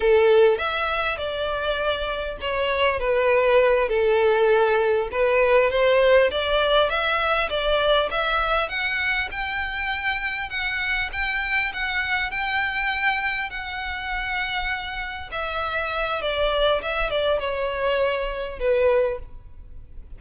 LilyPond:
\new Staff \with { instrumentName = "violin" } { \time 4/4 \tempo 4 = 100 a'4 e''4 d''2 | cis''4 b'4. a'4.~ | a'8 b'4 c''4 d''4 e''8~ | e''8 d''4 e''4 fis''4 g''8~ |
g''4. fis''4 g''4 fis''8~ | fis''8 g''2 fis''4.~ | fis''4. e''4. d''4 | e''8 d''8 cis''2 b'4 | }